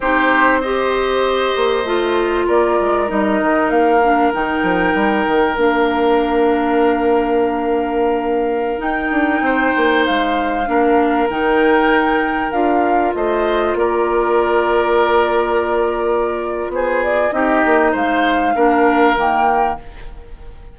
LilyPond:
<<
  \new Staff \with { instrumentName = "flute" } { \time 4/4 \tempo 4 = 97 c''4 dis''2. | d''4 dis''4 f''4 g''4~ | g''4 f''2.~ | f''2~ f''16 g''4.~ g''16~ |
g''16 f''2 g''4.~ g''16~ | g''16 f''4 dis''4 d''4.~ d''16~ | d''2. c''8 d''8 | dis''4 f''2 g''4 | }
  \new Staff \with { instrumentName = "oboe" } { \time 4/4 g'4 c''2. | ais'1~ | ais'1~ | ais'2.~ ais'16 c''8.~ |
c''4~ c''16 ais'2~ ais'8.~ | ais'4~ ais'16 c''4 ais'4.~ ais'16~ | ais'2. gis'4 | g'4 c''4 ais'2 | }
  \new Staff \with { instrumentName = "clarinet" } { \time 4/4 dis'4 g'2 f'4~ | f'4 dis'4. d'8 dis'4~ | dis'4 d'2.~ | d'2~ d'16 dis'4.~ dis'16~ |
dis'4~ dis'16 d'4 dis'4.~ dis'16~ | dis'16 f'2.~ f'8.~ | f'1 | dis'2 d'4 ais4 | }
  \new Staff \with { instrumentName = "bassoon" } { \time 4/4 c'2~ c'8 ais8 a4 | ais8 gis8 g8 dis8 ais4 dis8 f8 | g8 dis8 ais2.~ | ais2~ ais16 dis'8 d'8 c'8 ais16~ |
ais16 gis4 ais4 dis4.~ dis16~ | dis16 d'4 a4 ais4.~ ais16~ | ais2. b4 | c'8 ais8 gis4 ais4 dis4 | }
>>